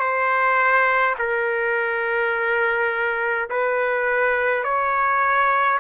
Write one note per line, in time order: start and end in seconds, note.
0.00 1.15 C5
1.19 3.50 A#4
3.50 4.64 B4
4.64 5.80 C#5